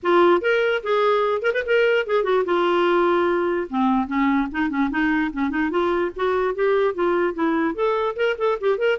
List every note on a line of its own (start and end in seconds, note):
0.03 0.41 F4
0.41 0.81 A#4
0.83 1.42 G#4
1.42 1.52 A#4
1.53 1.63 B4
1.65 2.06 A#4
2.06 2.23 G#4
2.23 2.44 F#4
2.45 3.67 F4
3.69 4.07 C4
4.07 4.47 C#4
4.51 4.69 D#4
4.69 4.90 C#4
4.90 5.31 D#4
5.32 5.50 C#4
5.50 5.70 D#4
5.70 6.11 F4
6.15 6.55 F#4
6.55 6.94 G4
6.94 7.34 F4
7.34 7.74 E4
7.75 8.15 A4
8.15 8.36 A#4
8.38 8.58 A4
8.60 8.78 G4
8.78 8.98 A#4